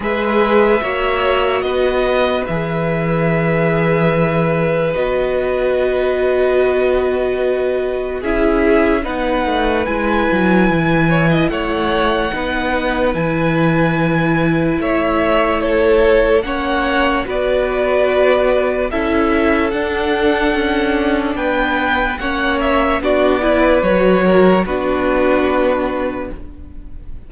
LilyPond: <<
  \new Staff \with { instrumentName = "violin" } { \time 4/4 \tempo 4 = 73 e''2 dis''4 e''4~ | e''2 dis''2~ | dis''2 e''4 fis''4 | gis''2 fis''2 |
gis''2 e''4 cis''4 | fis''4 d''2 e''4 | fis''2 g''4 fis''8 e''8 | d''4 cis''4 b'2 | }
  \new Staff \with { instrumentName = "violin" } { \time 4/4 b'4 cis''4 b'2~ | b'1~ | b'2 gis'4 b'4~ | b'4. cis''16 dis''16 cis''4 b'4~ |
b'2 cis''4 a'4 | cis''4 b'2 a'4~ | a'2 b'4 cis''4 | fis'8 b'4 ais'8 fis'2 | }
  \new Staff \with { instrumentName = "viola" } { \time 4/4 gis'4 fis'2 gis'4~ | gis'2 fis'2~ | fis'2 e'4 dis'4 | e'2. dis'4 |
e'1 | cis'4 fis'2 e'4 | d'2. cis'4 | d'8 e'8 fis'4 d'2 | }
  \new Staff \with { instrumentName = "cello" } { \time 4/4 gis4 ais4 b4 e4~ | e2 b2~ | b2 cis'4 b8 a8 | gis8 fis8 e4 a4 b4 |
e2 a2 | ais4 b2 cis'4 | d'4 cis'4 b4 ais4 | b4 fis4 b2 | }
>>